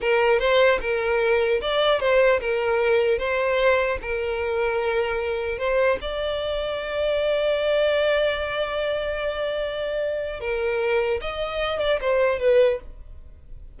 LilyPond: \new Staff \with { instrumentName = "violin" } { \time 4/4 \tempo 4 = 150 ais'4 c''4 ais'2 | d''4 c''4 ais'2 | c''2 ais'2~ | ais'2 c''4 d''4~ |
d''1~ | d''1~ | d''2 ais'2 | dis''4. d''8 c''4 b'4 | }